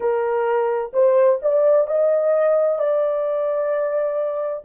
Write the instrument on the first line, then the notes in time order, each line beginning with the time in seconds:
horn
0.00 A#4
0.93 C5
1.41 D5
1.87 D#5
2.78 D5